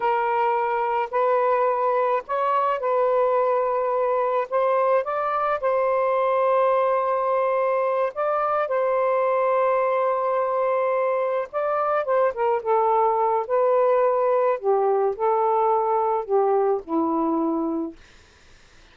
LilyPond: \new Staff \with { instrumentName = "saxophone" } { \time 4/4 \tempo 4 = 107 ais'2 b'2 | cis''4 b'2. | c''4 d''4 c''2~ | c''2~ c''8 d''4 c''8~ |
c''1~ | c''8 d''4 c''8 ais'8 a'4. | b'2 g'4 a'4~ | a'4 g'4 e'2 | }